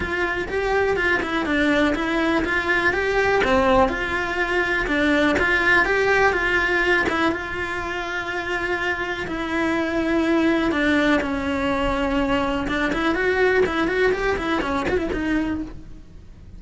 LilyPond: \new Staff \with { instrumentName = "cello" } { \time 4/4 \tempo 4 = 123 f'4 g'4 f'8 e'8 d'4 | e'4 f'4 g'4 c'4 | f'2 d'4 f'4 | g'4 f'4. e'8 f'4~ |
f'2. e'4~ | e'2 d'4 cis'4~ | cis'2 d'8 e'8 fis'4 | e'8 fis'8 g'8 e'8 cis'8 fis'16 e'16 dis'4 | }